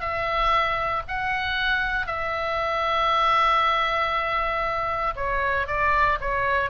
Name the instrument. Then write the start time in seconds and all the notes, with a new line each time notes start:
oboe
0.00 E5
1.08 F#5
2.07 E5
5.16 C#5
5.67 D5
6.21 C#5